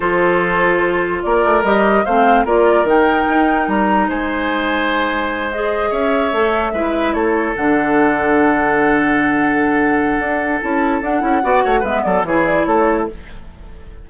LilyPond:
<<
  \new Staff \with { instrumentName = "flute" } { \time 4/4 \tempo 4 = 147 c''2. d''4 | dis''4 f''4 d''4 g''4~ | g''4 ais''4 gis''2~ | gis''4. dis''4 e''4.~ |
e''4. cis''4 fis''4.~ | fis''1~ | fis''2 a''4 fis''4~ | fis''4 e''8 d''8 cis''8 d''8 cis''4 | }
  \new Staff \with { instrumentName = "oboe" } { \time 4/4 a'2. ais'4~ | ais'4 c''4 ais'2~ | ais'2 c''2~ | c''2~ c''8 cis''4.~ |
cis''8 b'4 a'2~ a'8~ | a'1~ | a'1 | d''8 cis''8 b'8 a'8 gis'4 a'4 | }
  \new Staff \with { instrumentName = "clarinet" } { \time 4/4 f'1 | g'4 c'4 f'4 dis'4~ | dis'1~ | dis'4. gis'2 a'8~ |
a'8 e'2 d'4.~ | d'1~ | d'2 e'4 d'8 e'8 | fis'4 b4 e'2 | }
  \new Staff \with { instrumentName = "bassoon" } { \time 4/4 f2. ais8 a8 | g4 a4 ais4 dis4 | dis'4 g4 gis2~ | gis2~ gis8 cis'4 a8~ |
a8 gis4 a4 d4.~ | d1~ | d4 d'4 cis'4 d'8 cis'8 | b8 a8 gis8 fis8 e4 a4 | }
>>